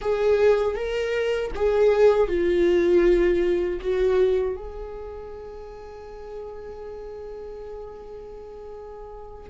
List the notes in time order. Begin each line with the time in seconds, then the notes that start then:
0.01 G#4
0.75 A#4
1.55 G#4
2.28 F4
3.80 F#4
4.56 G#4